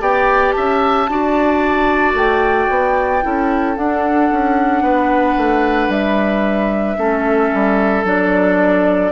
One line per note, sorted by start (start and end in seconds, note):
0.00 0.54 B3
0.00 1.07 G4
0.00 0.54 D5
0.00 0.52 G5
0.52 1.08 C#4
0.52 1.10 E5
0.52 2.13 A5
1.08 2.14 D4
1.08 3.22 F#4
1.08 3.25 D5
2.14 2.67 A3
2.14 3.77 G5
2.69 3.22 B3
3.22 3.77 C#4
3.22 3.75 E4
3.22 4.83 A4
3.76 6.98 D4
3.76 4.31 D4
3.76 5.91 F#5
4.31 4.82 C#4
4.82 5.35 B3
4.82 6.97 B4
5.37 5.88 A3
5.88 6.96 G3
5.88 8.05 E5
6.98 7.51 A3
6.98 8.05 C#4
6.98 9.12 A4
7.54 8.04 G3
8.04 9.11 F#3
8.04 9.12 D4
8.04 9.12 D5